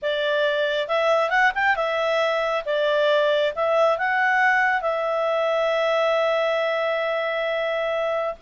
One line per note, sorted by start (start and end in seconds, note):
0.02 0.88 D5
0.88 1.30 E5
1.30 1.52 F#5
1.54 1.75 G5
1.75 2.64 E5
2.65 3.53 D5
3.55 3.97 E5
3.97 4.81 F#5
4.81 8.34 E5